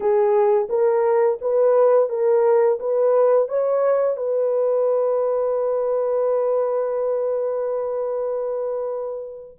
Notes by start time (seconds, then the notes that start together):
0.00 G#4
0.68 A#4
1.41 B4
2.09 A#4
2.79 B4
3.48 C#5
4.16 B4